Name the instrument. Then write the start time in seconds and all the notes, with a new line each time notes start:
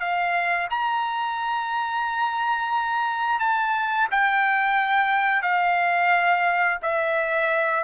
trumpet
0.00 F5
0.71 A#5
3.40 A5
4.11 G5
5.43 F5
6.82 E5